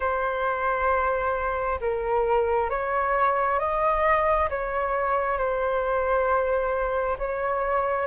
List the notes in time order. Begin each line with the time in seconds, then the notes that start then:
0.00 C5
1.81 A#4
2.69 C#5
3.59 D#5
4.49 C#5
5.37 C5
7.18 C#5